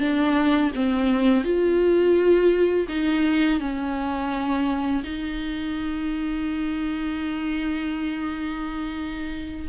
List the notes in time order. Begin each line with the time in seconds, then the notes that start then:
0.00 D4
0.75 C4
1.44 F4
2.89 D#4
3.60 C#4
5.04 D#4